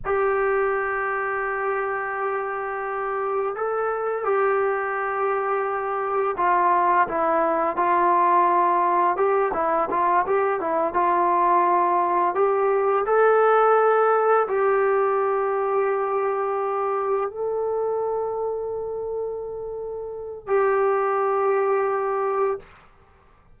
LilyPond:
\new Staff \with { instrumentName = "trombone" } { \time 4/4 \tempo 4 = 85 g'1~ | g'4 a'4 g'2~ | g'4 f'4 e'4 f'4~ | f'4 g'8 e'8 f'8 g'8 e'8 f'8~ |
f'4. g'4 a'4.~ | a'8 g'2.~ g'8~ | g'8 a'2.~ a'8~ | a'4 g'2. | }